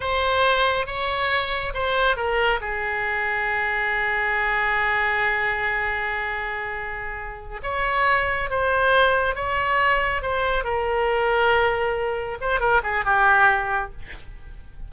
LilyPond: \new Staff \with { instrumentName = "oboe" } { \time 4/4 \tempo 4 = 138 c''2 cis''2 | c''4 ais'4 gis'2~ | gis'1~ | gis'1~ |
gis'4. cis''2 c''8~ | c''4. cis''2 c''8~ | c''8 ais'2.~ ais'8~ | ais'8 c''8 ais'8 gis'8 g'2 | }